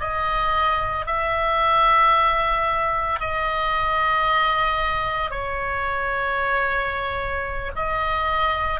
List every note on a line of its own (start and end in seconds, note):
0.00 1.06 D#5
1.06 3.20 E5
3.20 5.30 D#5
5.30 7.71 C#5
7.76 8.80 D#5